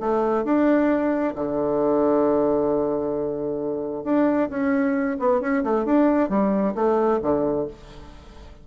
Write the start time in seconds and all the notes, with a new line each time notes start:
0.00 A3
0.44 D4
1.35 D3
4.04 D4
4.49 C#4
5.19 B3
5.41 C#4
5.63 A3
5.85 D4
6.29 G3
6.75 A3
7.22 D3